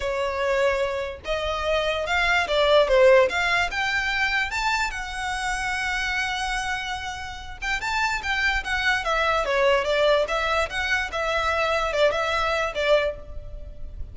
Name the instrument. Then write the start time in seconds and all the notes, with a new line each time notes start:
violin
0.00 C#5
1.24 D#5
2.06 F5
2.47 D5
2.87 C5
3.29 F5
3.70 G5
4.51 A5
4.91 F#5
7.61 G5
7.80 A5
8.22 G5
8.64 F#5
9.04 E5
9.45 C#5
9.84 D5
10.28 E5
10.69 F#5
11.12 E5
11.92 D5
12.11 E5
12.75 D5